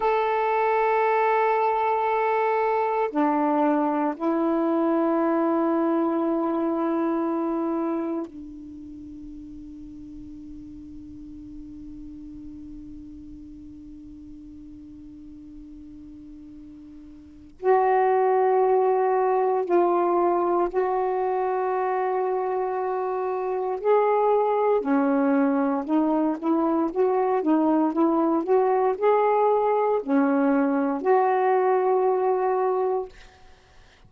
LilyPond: \new Staff \with { instrumentName = "saxophone" } { \time 4/4 \tempo 4 = 58 a'2. d'4 | e'1 | d'1~ | d'1~ |
d'4 fis'2 f'4 | fis'2. gis'4 | cis'4 dis'8 e'8 fis'8 dis'8 e'8 fis'8 | gis'4 cis'4 fis'2 | }